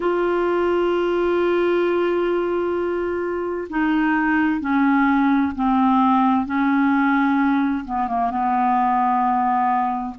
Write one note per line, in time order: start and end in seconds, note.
0.00 3.68 F4
3.69 4.60 D#4
4.60 5.53 C#4
5.55 6.45 C4
6.45 7.84 C#4
7.85 8.07 B3
8.07 8.30 A#3
8.30 10.15 B3